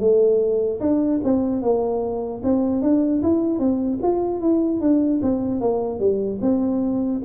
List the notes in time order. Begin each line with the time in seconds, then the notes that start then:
0.00 A3
0.80 D4
1.24 C4
1.62 A#3
2.43 C4
2.82 D4
3.23 E4
3.59 C4
4.03 F4
4.40 E4
4.80 D4
5.22 C4
5.61 A#3
5.99 G3
6.41 C4